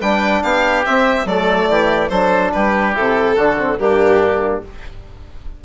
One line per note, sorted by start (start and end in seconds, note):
0.00 0.43 G3
0.00 0.85 D4
0.00 0.42 B4
0.00 0.42 G5
0.42 0.85 B3
0.42 1.26 G4
0.42 0.84 F5
0.85 1.26 C4
0.85 1.25 C4
0.85 1.27 E5
1.25 1.67 F#3
1.25 2.11 A3
1.25 1.69 A4
1.25 2.08 D5
1.69 2.10 E3
1.69 2.09 G4
2.08 2.52 F#3
2.08 2.94 D4
2.08 2.51 A4
2.08 2.50 C5
2.52 2.96 G3
2.52 3.35 G4
2.52 2.94 B4
2.94 3.36 C3
2.94 3.36 E4
2.94 3.78 A4
3.35 3.78 D3
3.35 3.57 D4
3.35 3.77 F#4
3.57 3.78 C4
3.78 4.62 G2
3.78 4.62 A#3
3.78 4.64 D4
3.78 4.62 G4